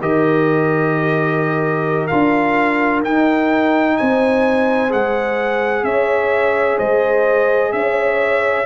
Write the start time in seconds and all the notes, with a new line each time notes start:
0.00 D#3 G4 A#4 D#5
2.07 D4 F4 F5
3.04 D#4 G5
3.97 C4 C5 G#5
4.89 G#3 G#4 F#5
5.84 C#4 C#5 E5
6.78 G#3 C5 D#5
7.73 C#4 C#5 E5